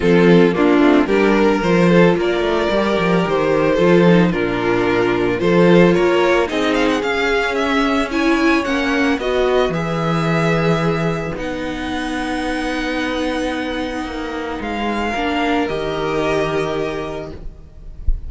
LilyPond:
<<
  \new Staff \with { instrumentName = "violin" } { \time 4/4 \tempo 4 = 111 a'4 f'4 ais'4 c''4 | d''2 c''2 | ais'2 c''4 cis''4 | dis''8 f''16 fis''16 f''4 e''4 gis''4 |
fis''4 dis''4 e''2~ | e''4 fis''2.~ | fis''2. f''4~ | f''4 dis''2. | }
  \new Staff \with { instrumentName = "violin" } { \time 4/4 f'4 d'4 g'8 ais'4 a'8 | ais'2. a'4 | f'2 a'4 ais'4 | gis'2. cis''4~ |
cis''4 b'2.~ | b'1~ | b'1 | ais'1 | }
  \new Staff \with { instrumentName = "viola" } { \time 4/4 c'4 ais8 c'8 d'4 f'4~ | f'4 g'2 f'8 dis'8 | d'2 f'2 | dis'4 cis'2 e'4 |
cis'4 fis'4 gis'2~ | gis'4 dis'2.~ | dis'1 | d'4 g'2. | }
  \new Staff \with { instrumentName = "cello" } { \time 4/4 f4 ais8 a8 g4 f4 | ais8 a8 g8 f8 dis4 f4 | ais,2 f4 ais4 | c'4 cis'2. |
ais4 b4 e2~ | e4 b2.~ | b2 ais4 gis4 | ais4 dis2. | }
>>